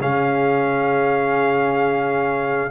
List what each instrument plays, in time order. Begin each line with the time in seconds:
0.00 tuba C#3, trombone C#4, horn G#4, trumpet F5